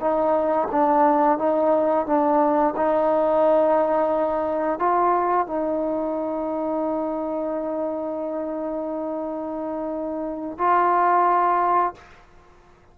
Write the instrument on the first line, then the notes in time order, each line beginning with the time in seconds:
trombone
0.00 D#4
0.71 D4
1.38 D#4
2.06 D4
2.76 D#4
4.79 F4
5.47 D#4
10.57 F4